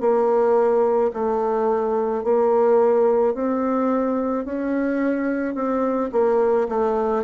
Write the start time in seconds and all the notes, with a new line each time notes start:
0.00 A#3
1.13 A3
2.24 A#3
3.34 C4
4.45 C#4
5.55 C4
6.12 A#3
6.69 A3